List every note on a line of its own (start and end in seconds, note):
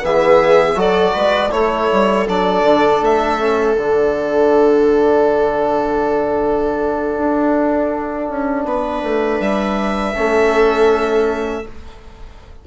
0.00 0.75 E3
0.00 0.75 B3
0.00 0.77 G#4
0.00 0.79 E5
0.75 1.13 F#3
0.75 1.50 F#4
0.75 1.14 A4
0.75 1.52 D5
1.14 1.52 G#3
1.14 1.51 B4
1.52 1.90 A3
1.52 2.27 E4
1.52 8.65 A4
1.52 2.27 C#5
1.92 2.28 G3
2.28 2.62 F#3
2.28 3.39 D4
2.28 3.04 D5
2.62 3.00 D3
3.02 3.77 A3
3.02 3.79 E5
3.39 3.77 C#4
3.78 7.15 D3
3.78 10.14 D4
3.78 9.41 F#5
7.18 8.29 D4
8.29 8.65 C#4
8.65 9.02 B3
8.65 10.16 B4
9.03 9.40 A3
9.40 10.15 G3
9.40 11.66 E5
10.14 11.67 A3
10.14 11.64 C#4
10.14 11.66 A4